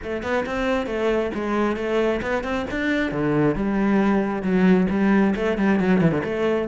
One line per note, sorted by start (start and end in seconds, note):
0.03 0.22 A3
0.22 0.44 B3
0.46 0.86 C4
0.86 1.30 A3
1.34 1.76 G#3
1.76 2.20 A3
2.22 2.43 B3
2.43 2.65 C4
2.70 3.11 D4
3.11 3.55 D3
3.55 4.42 G3
4.42 4.86 F#3
4.90 5.34 G3
5.35 5.57 A3
5.57 5.79 G3
5.79 6.01 F#3
6.01 6.11 E3
6.11 6.22 D3
6.23 6.67 A3